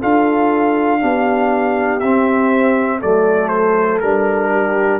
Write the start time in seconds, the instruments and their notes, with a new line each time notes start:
0.00 tuba D4, trombone F4, horn A4, trumpet F5
1.01 tuba B3, trombone D4, horn G4
2.00 tuba C4, trombone C4, trumpet E5
2.99 tuba F#3, trombone A3, horn A4, trumpet D5
3.48 trumpet C5
4.00 tuba G3, trombone D4, trumpet A#4
4.52 horn G4